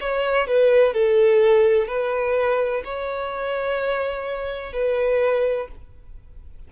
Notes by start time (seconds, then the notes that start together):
0.00 C#5
0.47 B4
0.93 A4
1.87 B4
2.84 C#5
4.72 B4